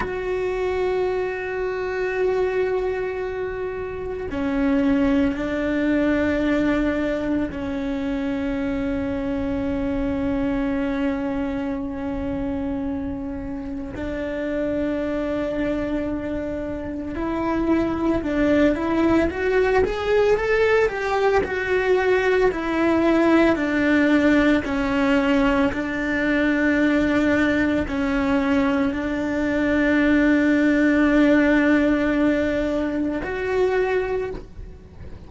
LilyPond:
\new Staff \with { instrumentName = "cello" } { \time 4/4 \tempo 4 = 56 fis'1 | cis'4 d'2 cis'4~ | cis'1~ | cis'4 d'2. |
e'4 d'8 e'8 fis'8 gis'8 a'8 g'8 | fis'4 e'4 d'4 cis'4 | d'2 cis'4 d'4~ | d'2. fis'4 | }